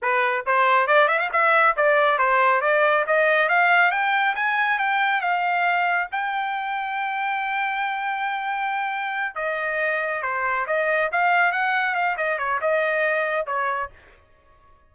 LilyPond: \new Staff \with { instrumentName = "trumpet" } { \time 4/4 \tempo 4 = 138 b'4 c''4 d''8 e''16 f''16 e''4 | d''4 c''4 d''4 dis''4 | f''4 g''4 gis''4 g''4 | f''2 g''2~ |
g''1~ | g''4. dis''2 c''8~ | c''8 dis''4 f''4 fis''4 f''8 | dis''8 cis''8 dis''2 cis''4 | }